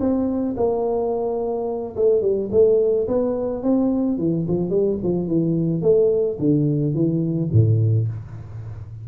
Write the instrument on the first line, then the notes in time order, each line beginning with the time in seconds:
tuba
0.00 C4
0.57 A#3
1.96 A3
2.21 G3
2.52 A3
3.08 B3
3.63 C4
4.18 E3
4.48 F3
4.70 G3
5.03 F3
5.27 E3
5.82 A3
6.39 D3
6.94 E3
7.53 A2